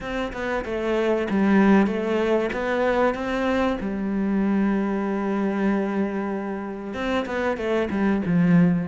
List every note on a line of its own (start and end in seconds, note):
0.01 0.32 C4
0.32 0.64 B3
0.64 1.27 A3
1.29 1.87 G3
1.87 2.50 A3
2.52 3.14 B3
3.14 3.77 C4
3.80 6.94 G3
6.94 7.25 C4
7.25 7.57 B3
7.57 7.88 A3
7.90 8.22 G3
8.25 8.87 F3